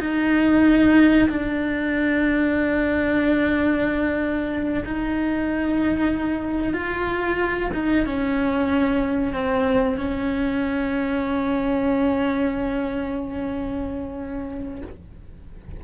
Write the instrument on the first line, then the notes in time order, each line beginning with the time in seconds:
cello
0.00 D#4
1.29 D4
4.85 D#4
6.74 F4
7.74 D#4
8.06 C#4
9.33 C4
9.98 C#4